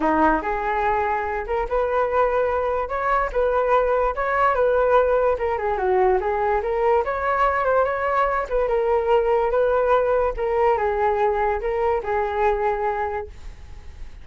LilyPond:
\new Staff \with { instrumentName = "flute" } { \time 4/4 \tempo 4 = 145 dis'4 gis'2~ gis'8 ais'8 | b'2. cis''4 | b'2 cis''4 b'4~ | b'4 ais'8 gis'8 fis'4 gis'4 |
ais'4 cis''4. c''8 cis''4~ | cis''8 b'8 ais'2 b'4~ | b'4 ais'4 gis'2 | ais'4 gis'2. | }